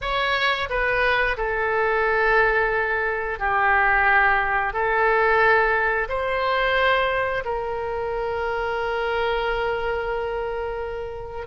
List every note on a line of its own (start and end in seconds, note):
0.01 0.68 C#5
0.69 1.37 B4
1.37 3.39 A4
3.39 4.73 G4
4.73 6.08 A4
6.09 7.43 C5
7.44 11.46 A#4